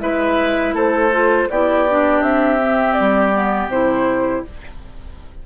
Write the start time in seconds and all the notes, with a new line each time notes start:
0.00 G#3 E4 B4 E5
0.74 A3 A4 C5
1.12 F4
1.50 B3 E4 G4 D5
1.90 D4
2.22 C4 E5
2.60 C4
2.93 D5
3.00 G3
3.33 B3
3.68 C3 E4 C5